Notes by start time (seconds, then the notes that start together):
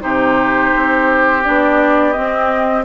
0.00 C3 D#4 G4 C5
0.75 C4
1.44 B3 D4 D5
2.12 C4 D#5